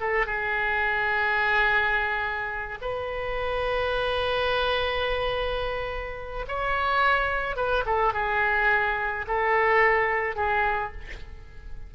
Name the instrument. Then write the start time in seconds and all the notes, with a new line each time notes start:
oboe
0.00 A4
0.26 G#4
2.81 B4
6.47 C#5
7.56 B4
7.85 A4
8.13 G#4
9.27 A4
10.35 G#4